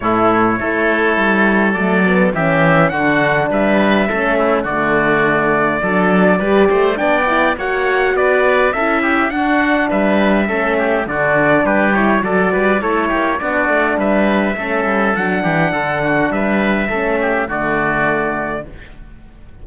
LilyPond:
<<
  \new Staff \with { instrumentName = "trumpet" } { \time 4/4 \tempo 4 = 103 cis''2. d''4 | e''4 fis''4 e''2 | d''1 | g''4 fis''4 d''4 e''4 |
fis''4 e''2 d''4 | b'8 cis''8 d''4 cis''4 d''4 | e''2 fis''2 | e''2 d''2 | }
  \new Staff \with { instrumentName = "oboe" } { \time 4/4 e'4 a'2. | g'4 fis'4 b'4 a'8 e'8 | fis'2 a'4 b'8 c''8 | d''4 cis''4 b'4 a'8 g'8 |
fis'4 b'4 a'8 g'8 fis'4 | g'4 a'8 b'8 a'8 g'8 fis'4 | b'4 a'4. g'8 a'8 fis'8 | b'4 a'8 g'8 fis'2 | }
  \new Staff \with { instrumentName = "horn" } { \time 4/4 a4 e'2 a8 b8 | cis'4 d'2 cis'4 | a2 d'4 g'4 | d'8 e'8 fis'2 e'4 |
d'2 cis'4 d'4~ | d'8 e'8 fis'4 e'4 d'4~ | d'4 cis'4 d'2~ | d'4 cis'4 a2 | }
  \new Staff \with { instrumentName = "cello" } { \time 4/4 a,4 a4 g4 fis4 | e4 d4 g4 a4 | d2 fis4 g8 a8 | b4 ais4 b4 cis'4 |
d'4 g4 a4 d4 | g4 fis8 g8 a8 ais8 b8 a8 | g4 a8 g8 fis8 e8 d4 | g4 a4 d2 | }
>>